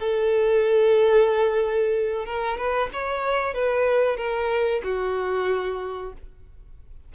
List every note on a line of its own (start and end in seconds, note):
0.00 2.26 A4
2.26 2.58 A#4
2.58 2.90 B4
2.93 3.55 C#5
3.55 4.17 B4
4.17 4.82 A#4
4.84 6.13 F#4